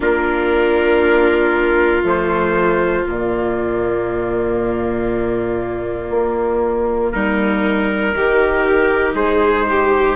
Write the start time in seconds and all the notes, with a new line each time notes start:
0.00 A#3 D4 F4 A#4
2.03 F3 A3 C5
3.06 A#2 A#3 D5
6.10 A#3
7.11 G3 D#4 A#4
8.14 D#3 D#4 G4
9.14 G#3 G#4 C5
9.69 G4